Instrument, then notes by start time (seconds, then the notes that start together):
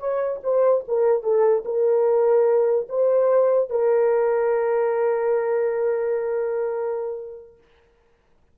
horn
0.00 C#5
0.44 C5
0.88 A#4
1.23 A4
1.65 A#4
2.89 C5
3.71 A#4